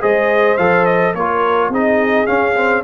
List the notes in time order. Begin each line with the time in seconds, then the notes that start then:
0.00 G#3 G#4 C5 D#5
0.57 F3 A4 F5
0.85 D#5
1.14 A#3 F4 A#4 C#5
1.69 C4 D#4 G#4 D#5
2.26 C#4 F5
2.56 C4